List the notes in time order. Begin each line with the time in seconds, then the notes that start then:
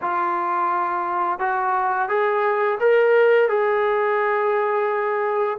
0.01 F4
1.39 F#4
2.08 G#4
2.80 A#4
3.48 G#4